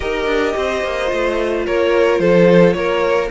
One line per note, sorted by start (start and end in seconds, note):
0.00 0.26 D#4
0.00 1.06 G4
0.00 0.54 A#4
0.00 1.64 D#5
0.26 0.53 D4
0.56 0.83 C4
0.56 1.66 C5
0.83 1.11 A#3
1.06 1.67 A3
1.06 3.26 F4
1.66 2.19 A#3
1.66 2.21 A#4
1.66 2.19 C#5
2.19 2.74 F3
2.19 2.76 A4
2.19 2.73 C5
2.73 3.29 A#3
2.73 3.31 A#4
2.73 3.28 C#5